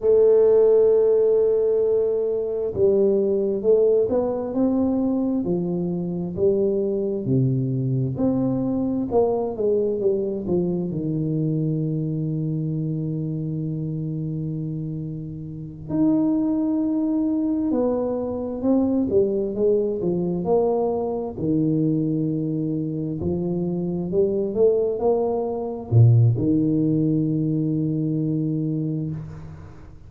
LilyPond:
\new Staff \with { instrumentName = "tuba" } { \time 4/4 \tempo 4 = 66 a2. g4 | a8 b8 c'4 f4 g4 | c4 c'4 ais8 gis8 g8 f8 | dis1~ |
dis4. dis'2 b8~ | b8 c'8 g8 gis8 f8 ais4 dis8~ | dis4. f4 g8 a8 ais8~ | ais8 ais,8 dis2. | }